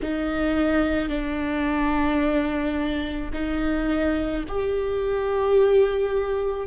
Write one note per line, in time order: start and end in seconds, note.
0.02 1.09 D#4
1.09 3.31 D4
3.33 4.44 D#4
4.47 6.67 G4